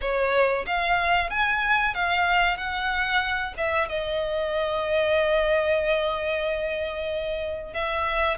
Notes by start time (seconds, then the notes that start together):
0.01 C#5
0.66 F5
1.30 G#5
1.94 F5
2.57 F#5
3.57 E5
3.89 D#5
7.73 E5